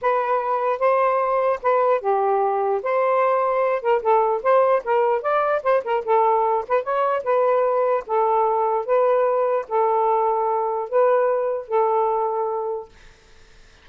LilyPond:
\new Staff \with { instrumentName = "saxophone" } { \time 4/4 \tempo 4 = 149 b'2 c''2 | b'4 g'2 c''4~ | c''4. ais'8 a'4 c''4 | ais'4 d''4 c''8 ais'8 a'4~ |
a'8 b'8 cis''4 b'2 | a'2 b'2 | a'2. b'4~ | b'4 a'2. | }